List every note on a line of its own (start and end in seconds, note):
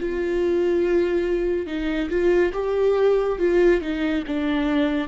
0.00 1.67 F4
1.67 2.10 D#4
2.10 2.53 F4
2.53 3.39 G4
3.39 3.82 F4
3.82 4.25 D#4
4.27 5.08 D4